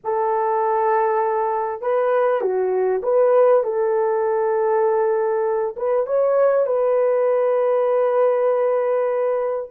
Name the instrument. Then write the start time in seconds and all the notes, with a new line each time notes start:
horn
0.04 A4
1.81 B4
2.41 F#4
3.02 B4
3.63 A4
5.76 B4
6.06 C#5
6.66 B4